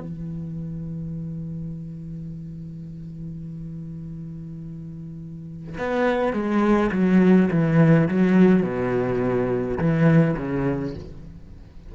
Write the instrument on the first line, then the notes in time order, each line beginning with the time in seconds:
cello
0.00 E3
5.78 B3
6.33 G#3
6.92 F#3
7.51 E3
8.08 F#3
8.63 B2
9.78 E3
10.37 C#3